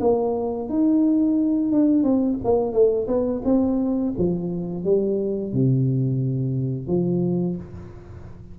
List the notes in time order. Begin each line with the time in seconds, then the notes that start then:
0.00 A#3
0.69 D#4
1.72 D4
2.03 C4
2.44 A#3
2.72 A3
3.07 B3
3.45 C4
4.18 F3
4.84 G3
5.53 C3
6.87 F3